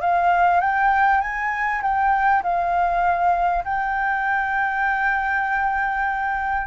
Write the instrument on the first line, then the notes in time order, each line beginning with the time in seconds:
flute
0.00 F5
0.60 G5
1.20 G#5
1.82 G5
2.43 F5
3.64 G5